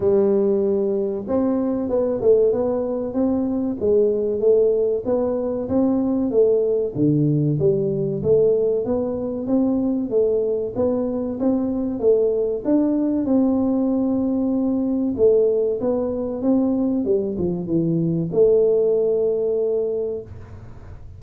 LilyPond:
\new Staff \with { instrumentName = "tuba" } { \time 4/4 \tempo 4 = 95 g2 c'4 b8 a8 | b4 c'4 gis4 a4 | b4 c'4 a4 d4 | g4 a4 b4 c'4 |
a4 b4 c'4 a4 | d'4 c'2. | a4 b4 c'4 g8 f8 | e4 a2. | }